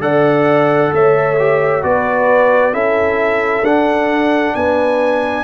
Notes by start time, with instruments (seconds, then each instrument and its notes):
0.00 tuba D3, trombone A4, horn D5, trumpet F#5
0.92 tuba A3, horn C#5, trumpet E5
1.39 trombone G4
1.82 tuba B3, trombone F#4, horn B4, trumpet D5
2.73 tuba C#4, trombone E4, horn A4, trumpet E5
3.62 tuba D4, trombone D4, trumpet F#5
4.55 tuba B3, horn B4, trumpet G#5